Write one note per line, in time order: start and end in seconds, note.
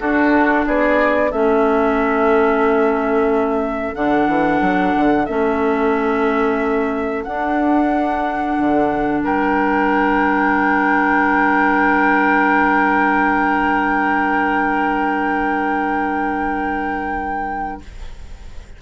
0.00 0.66 D4
0.00 1.32 D4
0.00 0.66 F#4
0.00 0.66 A4
0.66 1.33 B3
0.66 1.31 G#4
0.66 1.32 D5
1.31 3.95 A3
1.31 3.96 C#4
1.31 9.22 A4
1.31 3.95 E5
3.95 4.28 D3
3.95 5.28 D4
3.95 5.26 F#5
4.28 4.61 E3
4.61 4.94 F#3
4.96 5.29 D3
5.26 7.26 A3
5.26 7.26 C#4
5.26 7.24 E5
7.24 8.58 D4
7.24 17.82 D4
7.24 9.22 F#5
8.59 9.22 D3
9.22 17.80 G3
9.22 17.81 A#4
9.22 17.82 G5